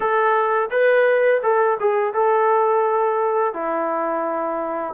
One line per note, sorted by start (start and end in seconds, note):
0.00 0.69 A4
0.71 1.41 B4
1.42 1.77 A4
1.80 2.13 G#4
2.13 3.53 A4
3.53 4.93 E4